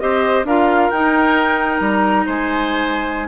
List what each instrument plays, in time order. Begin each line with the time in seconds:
0.00 bassoon C4, clarinet G4, oboe C5, flute D#5
0.45 bassoon D4, clarinet F4, oboe A#4, flute F5
0.91 bassoon D#4, clarinet D#4, flute G5
1.81 bassoon G3, flute A#5
2.26 bassoon G#3, oboe C5, flute G#5